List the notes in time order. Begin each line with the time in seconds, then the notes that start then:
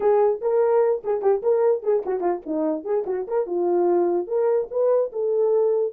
0.00 G#4
0.41 A#4
1.04 G#4
1.21 G4
1.42 A#4
1.83 G#4
2.05 F#4
2.20 F4
2.46 D#4
2.84 G#4
3.06 F#4
3.27 A#4
3.46 F4
4.27 A#4
4.70 B4
5.12 A4